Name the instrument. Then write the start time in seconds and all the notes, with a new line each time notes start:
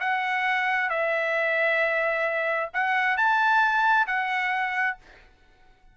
trumpet
0.00 F#5
0.90 E5
2.74 F#5
3.17 A5
4.07 F#5